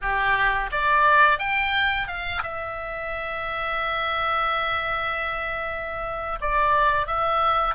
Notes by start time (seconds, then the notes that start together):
0.01 G4
0.71 D5
1.38 G5
2.07 F5
2.42 E5
6.40 D5
7.07 E5